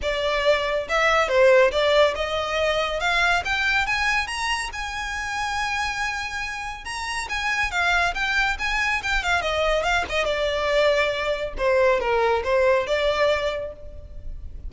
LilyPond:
\new Staff \with { instrumentName = "violin" } { \time 4/4 \tempo 4 = 140 d''2 e''4 c''4 | d''4 dis''2 f''4 | g''4 gis''4 ais''4 gis''4~ | gis''1 |
ais''4 gis''4 f''4 g''4 | gis''4 g''8 f''8 dis''4 f''8 dis''8 | d''2. c''4 | ais'4 c''4 d''2 | }